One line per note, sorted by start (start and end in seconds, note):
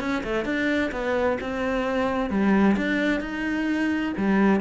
0.00 0.23 C#4
0.24 0.45 A3
0.45 0.91 D4
0.92 1.38 B3
1.41 2.30 C4
2.30 2.76 G3
2.77 3.21 D4
3.21 4.13 D#4
4.17 4.60 G3